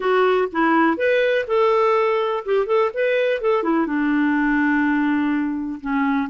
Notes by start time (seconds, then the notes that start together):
0.00 F#4
0.51 E4
0.97 B4
1.47 A4
2.45 G4
2.66 A4
2.94 B4
3.41 A4
3.63 E4
3.86 D4
5.80 C#4